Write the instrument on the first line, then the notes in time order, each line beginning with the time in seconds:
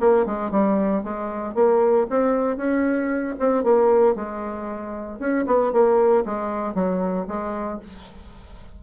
bassoon
0.00 A#3
0.26 G#3
0.51 G3
1.03 G#3
1.54 A#3
2.10 C4
2.57 C#4
3.39 C4
3.64 A#3
4.15 G#3
5.19 C#4
5.46 B3
5.72 A#3
6.25 G#3
6.74 F#3
7.28 G#3